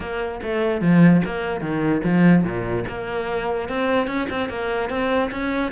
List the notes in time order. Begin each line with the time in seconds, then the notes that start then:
0.00 A#3
0.42 A3
0.81 F3
1.25 A#3
1.60 D#3
2.03 F3
2.43 A#2
2.88 A#3
3.68 C4
4.07 C#4
4.30 C4
4.49 A#3
4.89 C4
5.31 C#4